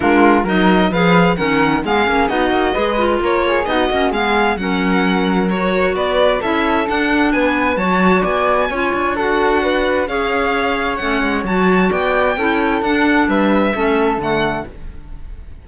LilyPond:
<<
  \new Staff \with { instrumentName = "violin" } { \time 4/4 \tempo 4 = 131 ais'4 dis''4 f''4 fis''4 | f''4 dis''2 cis''4 | dis''4 f''4 fis''2 | cis''4 d''4 e''4 fis''4 |
gis''4 a''4 gis''2 | fis''2 f''2 | fis''4 a''4 g''2 | fis''4 e''2 fis''4 | }
  \new Staff \with { instrumentName = "flute" } { \time 4/4 f'4 ais'4 b'4 ais'4 | gis'4 fis'4 b'4 ais'8 gis'8 | fis'4 gis'4 ais'2~ | ais'4 b'4 a'2 |
b'4 cis''4 d''4 cis''4 | a'4 b'4 cis''2~ | cis''2 d''4 a'4~ | a'4 b'4 a'2 | }
  \new Staff \with { instrumentName = "clarinet" } { \time 4/4 d'4 dis'4 gis'4 cis'4 | b8 cis'8 dis'4 gis'8 f'4. | dis'8 cis'8 b4 cis'2 | fis'2 e'4 d'4~ |
d'4 fis'2 f'4 | fis'2 gis'2 | cis'4 fis'2 e'4 | d'2 cis'4 a4 | }
  \new Staff \with { instrumentName = "cello" } { \time 4/4 gis4 fis4 f4 dis4 | gis8 ais8 b8 ais8 gis4 ais4 | b8 ais8 gis4 fis2~ | fis4 b4 cis'4 d'4 |
b4 fis4 b4 cis'8 d'8~ | d'2 cis'2 | a8 gis8 fis4 b4 cis'4 | d'4 g4 a4 d4 | }
>>